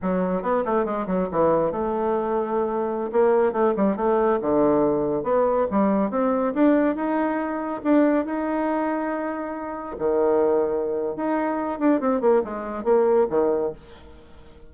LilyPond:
\new Staff \with { instrumentName = "bassoon" } { \time 4/4 \tempo 4 = 140 fis4 b8 a8 gis8 fis8 e4 | a2.~ a16 ais8.~ | ais16 a8 g8 a4 d4.~ d16~ | d16 b4 g4 c'4 d'8.~ |
d'16 dis'2 d'4 dis'8.~ | dis'2.~ dis'16 dis8.~ | dis2 dis'4. d'8 | c'8 ais8 gis4 ais4 dis4 | }